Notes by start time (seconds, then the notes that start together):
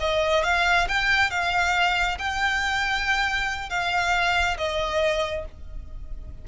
0.00 D#5
0.44 F5
0.89 G5
1.30 F5
2.18 G5
3.70 F5
4.57 D#5